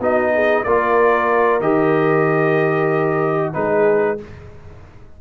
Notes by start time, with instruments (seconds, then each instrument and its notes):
0.00 tuba B3, trombone D#4, horn F#4, trumpet D#5
0.35 horn G#4
0.64 tuba A#3, trombone F4, horn A#4, trumpet D5
1.60 tuba D#3, trombone G4, trumpet D#5
3.53 tuba G#3, trombone D#4, horn G#4, trumpet B4